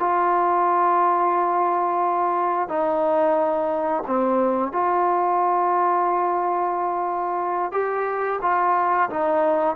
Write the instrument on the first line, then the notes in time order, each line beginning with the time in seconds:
trombone
0.00 F4
2.69 D#4
4.07 C4
4.73 F4
7.72 G4
8.42 F4
9.10 D#4